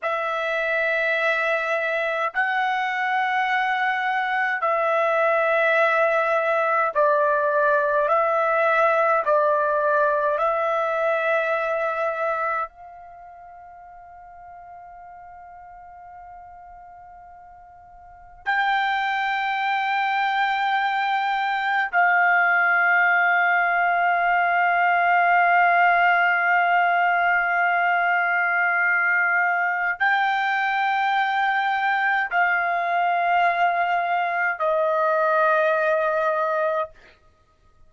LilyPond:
\new Staff \with { instrumentName = "trumpet" } { \time 4/4 \tempo 4 = 52 e''2 fis''2 | e''2 d''4 e''4 | d''4 e''2 f''4~ | f''1 |
g''2. f''4~ | f''1~ | f''2 g''2 | f''2 dis''2 | }